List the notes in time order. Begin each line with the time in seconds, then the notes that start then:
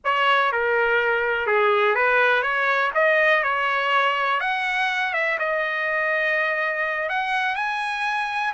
0.04 C#5
0.51 A#4
1.47 G#4
1.95 B4
2.42 C#5
2.94 D#5
3.43 C#5
4.40 F#5
5.13 E5
5.38 D#5
7.09 F#5
7.55 G#5